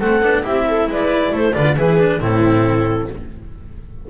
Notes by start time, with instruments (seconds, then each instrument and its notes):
0.00 double bass A3, cello C4, viola A4, clarinet F#5
0.22 double bass B3, cello D4
0.43 double bass C4, cello E4, viola G4, clarinet E5
0.68 viola A4
0.88 double bass G#3, viola B4, clarinet D5
1.33 double bass A3, viola A4, clarinet C5
1.54 double bass D3, cello F4, viola B4, clarinet D5
1.76 double bass E3, cello E4, viola G#4, clarinet B4
1.99 cello D4
2.21 double bass A2, cello C4, viola E4, clarinet A4